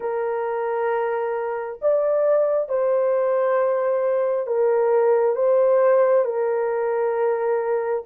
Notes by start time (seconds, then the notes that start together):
0.00 A#4
1.81 D5
2.68 C5
4.46 A#4
5.35 C5
6.24 A#4